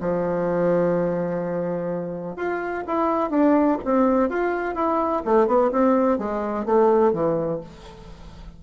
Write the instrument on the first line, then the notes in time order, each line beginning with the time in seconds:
bassoon
0.00 F3
2.36 F4
2.87 E4
3.30 D4
3.85 C4
4.29 F4
4.75 E4
5.25 A3
5.47 B3
5.71 C4
6.18 G#3
6.65 A3
7.13 E3